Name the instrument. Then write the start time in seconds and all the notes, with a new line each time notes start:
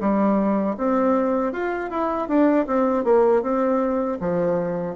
bassoon
0.00 G3
0.77 C4
1.52 F4
1.90 E4
2.28 D4
2.66 C4
3.04 A#3
3.42 C4
4.20 F3